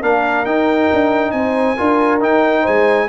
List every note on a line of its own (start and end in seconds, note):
0.00 0.45 A#3
0.00 0.45 D4
0.00 1.31 A#4
0.00 0.45 F5
0.45 0.89 D#4
0.45 1.76 D#4
0.45 1.31 G5
0.92 1.32 D4
1.31 1.76 C4
1.31 1.76 C5
1.31 2.18 G#5
1.76 2.23 D4
1.76 2.20 F4
1.76 2.61 A#4
2.20 3.08 D#4
2.20 2.66 D#4
2.20 2.66 G5
2.61 3.08 G#3
2.61 3.05 C5
2.61 3.08 G#5